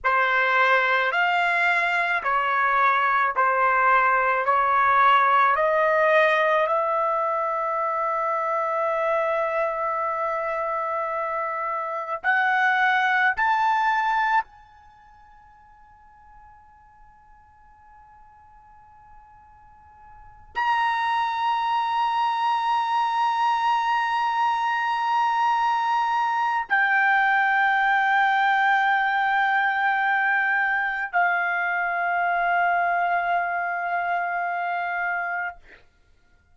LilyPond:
\new Staff \with { instrumentName = "trumpet" } { \time 4/4 \tempo 4 = 54 c''4 f''4 cis''4 c''4 | cis''4 dis''4 e''2~ | e''2. fis''4 | a''4 gis''2.~ |
gis''2~ gis''8 ais''4.~ | ais''1 | g''1 | f''1 | }